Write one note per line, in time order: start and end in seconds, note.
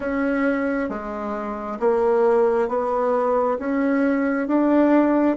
0.00 0.89 C#4
0.89 1.79 G#3
1.79 2.68 A#3
2.68 3.57 B3
3.58 4.47 C#4
4.47 5.36 D4